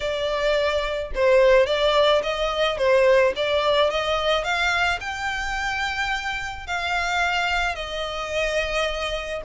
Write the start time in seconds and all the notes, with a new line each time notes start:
0.00 D5
1.14 C5
1.66 D5
2.22 D#5
2.77 C5
3.36 D5
3.90 D#5
4.43 F5
5.00 G5
6.67 F5
7.75 D#5